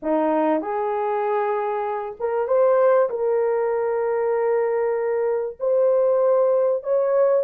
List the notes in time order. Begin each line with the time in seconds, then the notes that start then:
0.02 D#4
0.61 G#4
2.19 A#4
2.47 C5
3.09 A#4
5.59 C5
6.83 C#5